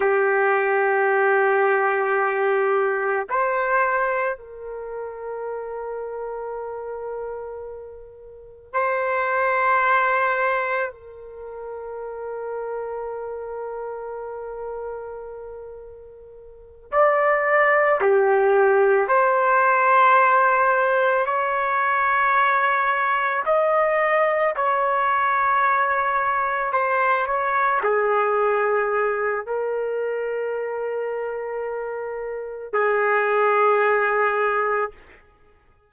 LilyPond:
\new Staff \with { instrumentName = "trumpet" } { \time 4/4 \tempo 4 = 55 g'2. c''4 | ais'1 | c''2 ais'2~ | ais'2.~ ais'8 d''8~ |
d''8 g'4 c''2 cis''8~ | cis''4. dis''4 cis''4.~ | cis''8 c''8 cis''8 gis'4. ais'4~ | ais'2 gis'2 | }